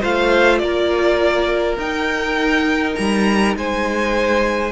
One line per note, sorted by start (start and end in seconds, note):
0.00 0.62 A3
0.00 1.79 F4
0.00 0.59 C5
0.00 0.58 F5
0.58 1.77 A#3
0.58 3.57 A#4
0.58 1.76 D5
1.77 2.94 D#4
1.77 4.72 D#4
1.77 2.95 G5
2.95 3.55 G3
2.95 3.54 A#5
3.55 4.72 G#3
3.55 4.72 C5
3.55 4.72 G#5